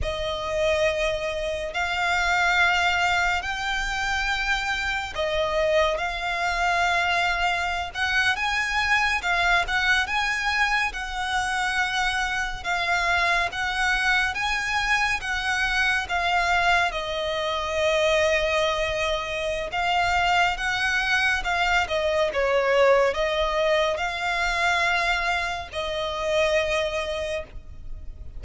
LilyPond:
\new Staff \with { instrumentName = "violin" } { \time 4/4 \tempo 4 = 70 dis''2 f''2 | g''2 dis''4 f''4~ | f''4~ f''16 fis''8 gis''4 f''8 fis''8 gis''16~ | gis''8. fis''2 f''4 fis''16~ |
fis''8. gis''4 fis''4 f''4 dis''16~ | dis''2. f''4 | fis''4 f''8 dis''8 cis''4 dis''4 | f''2 dis''2 | }